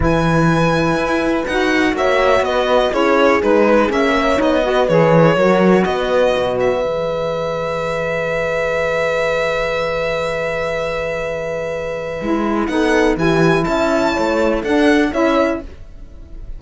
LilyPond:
<<
  \new Staff \with { instrumentName = "violin" } { \time 4/4 \tempo 4 = 123 gis''2. fis''4 | e''4 dis''4 cis''4 b'4 | e''4 dis''4 cis''2 | dis''4. e''2~ e''8~ |
e''1~ | e''1~ | e''2 fis''4 gis''4 | a''2 fis''4 e''4 | }
  \new Staff \with { instrumentName = "horn" } { \time 4/4 b'1 | cis''4 b'4 gis'2~ | gis'8 cis''4 b'4. ais'4 | b'1~ |
b'1~ | b'1~ | b'2 a'4 g'4 | e''4 cis''4 a'4 cis''4 | }
  \new Staff \with { instrumentName = "saxophone" } { \time 4/4 e'2. fis'4~ | fis'2 e'4 dis'4 | cis'4 dis'8 fis'8 gis'4 fis'4~ | fis'2 gis'2~ |
gis'1~ | gis'1~ | gis'4 e'4 dis'4 e'4~ | e'2 d'4 e'4 | }
  \new Staff \with { instrumentName = "cello" } { \time 4/4 e2 e'4 dis'4 | ais4 b4 cis'4 gis4 | ais4 b4 e4 fis4 | b4 b,4 e2~ |
e1~ | e1~ | e4 gis4 b4 e4 | cis'4 a4 d'4 cis'4 | }
>>